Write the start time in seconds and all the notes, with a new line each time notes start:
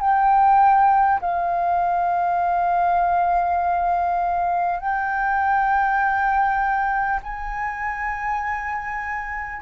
0.00 G5
1.21 F5
4.80 G5
7.22 G#5